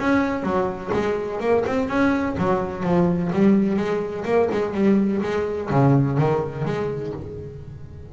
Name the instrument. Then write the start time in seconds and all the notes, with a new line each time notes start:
double bass
0.00 C#4
0.43 F#3
0.94 G#3
1.40 A#3
1.67 C4
1.89 C#4
2.38 F#3
2.84 F3
3.33 G3
3.77 G#3
4.25 A#3
4.52 G#3
4.74 G3
5.22 G#3
5.71 C#3
6.18 D#3
6.66 G#3